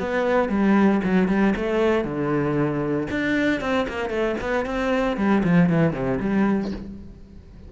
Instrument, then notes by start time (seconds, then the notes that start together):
cello
0.00 B3
0.49 G3
1.04 F#3
1.29 G3
1.56 A3
2.05 D3
3.11 D4
3.61 C4
3.89 A#3
4.10 A3
4.41 B3
4.66 C4
5.17 G3
5.44 F3
5.70 E3
5.93 C3
6.20 G3